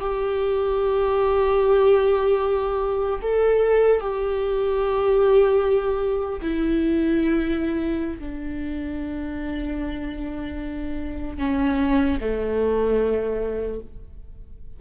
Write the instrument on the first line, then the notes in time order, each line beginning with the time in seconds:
viola
0.00 G4
3.22 A4
4.00 G4
6.42 E4
8.19 D4
11.38 C#4
12.20 A3